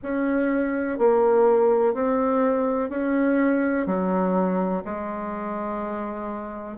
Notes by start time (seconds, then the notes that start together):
0.02 C#4
0.98 A#3
1.94 C4
2.89 C#4
3.86 F#3
4.84 G#3